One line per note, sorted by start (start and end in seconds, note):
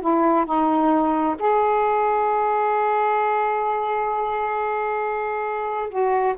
0.00 0.45 E4
0.45 1.36 D#4
1.39 5.89 G#4
5.89 6.35 F#4